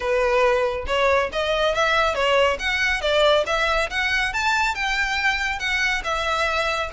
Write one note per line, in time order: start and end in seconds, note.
0.00 0.85 B4
0.86 1.29 C#5
1.32 1.74 D#5
1.74 2.14 E5
2.14 2.57 C#5
2.59 3.01 F#5
3.01 3.44 D5
3.46 3.89 E5
3.89 4.33 F#5
4.33 4.74 A5
4.74 5.59 G5
5.59 6.02 F#5
6.03 6.90 E5